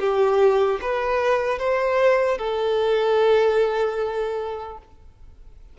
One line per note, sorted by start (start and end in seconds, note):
0.00 0.80 G4
0.81 1.59 B4
1.59 2.38 C5
2.38 4.78 A4